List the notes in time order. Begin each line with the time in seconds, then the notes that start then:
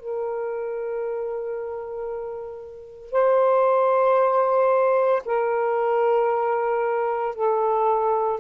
0.00 A#4
3.12 C5
5.26 A#4
7.35 A4